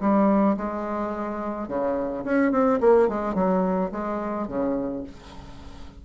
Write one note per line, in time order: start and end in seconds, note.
0.00 0.56 G3
0.56 1.68 G#3
1.68 2.24 C#3
2.24 2.51 C#4
2.51 2.79 C4
2.80 3.08 A#3
3.08 3.34 G#3
3.34 3.90 F#3
3.91 4.47 G#3
4.47 5.03 C#3